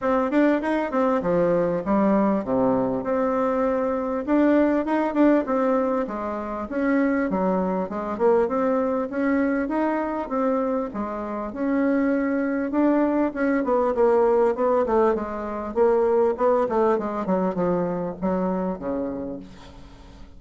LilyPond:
\new Staff \with { instrumentName = "bassoon" } { \time 4/4 \tempo 4 = 99 c'8 d'8 dis'8 c'8 f4 g4 | c4 c'2 d'4 | dis'8 d'8 c'4 gis4 cis'4 | fis4 gis8 ais8 c'4 cis'4 |
dis'4 c'4 gis4 cis'4~ | cis'4 d'4 cis'8 b8 ais4 | b8 a8 gis4 ais4 b8 a8 | gis8 fis8 f4 fis4 cis4 | }